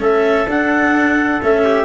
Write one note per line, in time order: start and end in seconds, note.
0.00 0.47 A3
0.00 0.47 C#4
0.00 1.65 A4
0.00 0.49 E5
0.47 1.40 D4
0.47 1.42 D4
0.47 1.43 F#5
1.43 1.85 A3
1.43 1.85 C#4
1.43 1.85 E5
1.65 1.85 G4